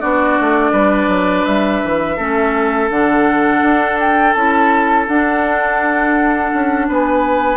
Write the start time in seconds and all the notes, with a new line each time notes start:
0.00 B3 D4 F#4 D5
0.40 A3
0.72 G3 B4
1.08 F#3
1.45 G3 E5
1.84 E3
2.16 A3 C#4 A4
2.90 D3 D4 F#5
3.62 D4
4.00 G5
4.33 C#4 E4 A5
5.07 D4 F#5
6.53 C#4
6.89 B3 B4 G#5